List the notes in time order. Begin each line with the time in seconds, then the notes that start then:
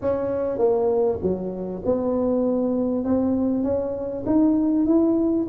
0.01 C#4
0.58 A#3
1.21 F#3
1.85 B3
3.04 C4
3.63 C#4
4.26 D#4
4.85 E4